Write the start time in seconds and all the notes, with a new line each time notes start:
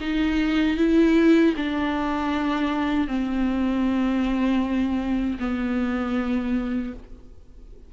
0.00 D#4
0.77 E4
1.56 D4
3.07 C4
5.39 B3